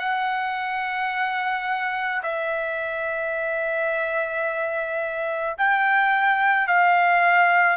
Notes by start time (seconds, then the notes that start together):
0.00 F#5
2.24 E5
5.58 G5
6.68 F5